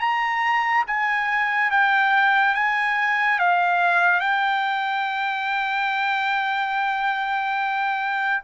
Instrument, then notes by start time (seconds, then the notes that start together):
trumpet
0.00 A#5
0.87 G#5
1.71 G5
2.55 G#5
3.39 F5
4.20 G5